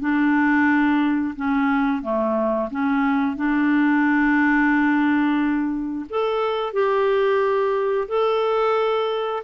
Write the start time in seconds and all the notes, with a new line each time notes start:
0.00 D4
1.36 C#4
2.02 A3
2.71 C#4
3.36 D4
6.10 A4
6.73 G4
8.08 A4